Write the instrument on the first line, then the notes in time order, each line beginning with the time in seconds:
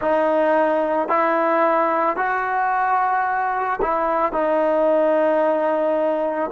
trombone
0.01 D#4
1.08 E4
2.16 F#4
3.81 E4
4.32 D#4